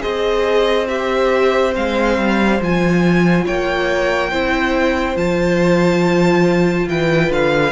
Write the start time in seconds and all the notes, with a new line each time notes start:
0.00 C4 G#4 C5 D#5
0.88 G4 E5
1.73 G#3 C4 F5
2.17 G3
2.61 F3 F4 G#5
3.46 A#3 C#5 G5
4.30 C4 E4 C5
5.16 F3 F4 A5
6.88 E3 B4 G5
7.30 D3 F5